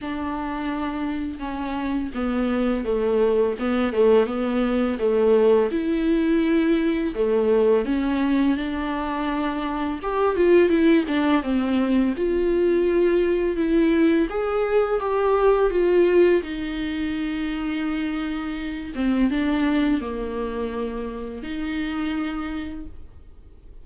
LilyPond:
\new Staff \with { instrumentName = "viola" } { \time 4/4 \tempo 4 = 84 d'2 cis'4 b4 | a4 b8 a8 b4 a4 | e'2 a4 cis'4 | d'2 g'8 f'8 e'8 d'8 |
c'4 f'2 e'4 | gis'4 g'4 f'4 dis'4~ | dis'2~ dis'8 c'8 d'4 | ais2 dis'2 | }